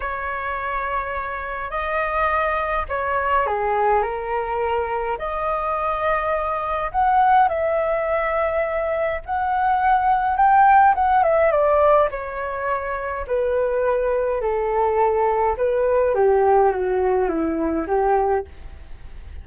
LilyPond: \new Staff \with { instrumentName = "flute" } { \time 4/4 \tempo 4 = 104 cis''2. dis''4~ | dis''4 cis''4 gis'4 ais'4~ | ais'4 dis''2. | fis''4 e''2. |
fis''2 g''4 fis''8 e''8 | d''4 cis''2 b'4~ | b'4 a'2 b'4 | g'4 fis'4 e'4 g'4 | }